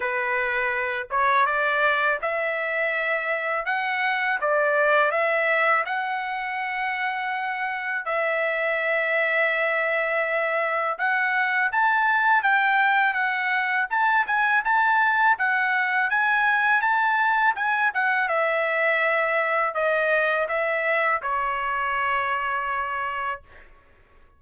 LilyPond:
\new Staff \with { instrumentName = "trumpet" } { \time 4/4 \tempo 4 = 82 b'4. cis''8 d''4 e''4~ | e''4 fis''4 d''4 e''4 | fis''2. e''4~ | e''2. fis''4 |
a''4 g''4 fis''4 a''8 gis''8 | a''4 fis''4 gis''4 a''4 | gis''8 fis''8 e''2 dis''4 | e''4 cis''2. | }